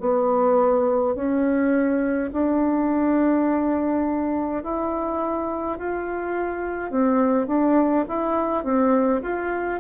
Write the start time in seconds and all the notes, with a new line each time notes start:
0.00 B3
1.15 C#4
2.33 D4
4.64 E4
5.78 F4
6.91 C4
7.47 D4
8.09 E4
8.64 C4
9.23 F4